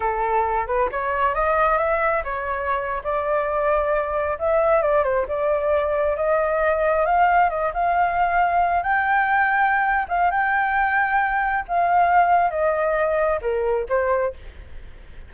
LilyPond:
\new Staff \with { instrumentName = "flute" } { \time 4/4 \tempo 4 = 134 a'4. b'8 cis''4 dis''4 | e''4 cis''4.~ cis''16 d''4~ d''16~ | d''4.~ d''16 e''4 d''8 c''8 d''16~ | d''4.~ d''16 dis''2 f''16~ |
f''8. dis''8 f''2~ f''8 g''16~ | g''2~ g''8 f''8 g''4~ | g''2 f''2 | dis''2 ais'4 c''4 | }